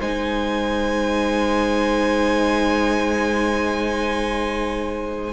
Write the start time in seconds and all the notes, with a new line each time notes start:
0.00 G#3 D#4 C5 G#5